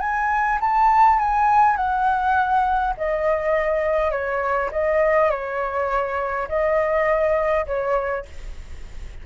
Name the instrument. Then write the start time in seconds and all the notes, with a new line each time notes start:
flute
0.00 G#5
0.60 A5
1.19 G#5
1.76 F#5
2.97 D#5
4.11 C#5
4.72 D#5
5.30 C#5
6.48 D#5
7.66 C#5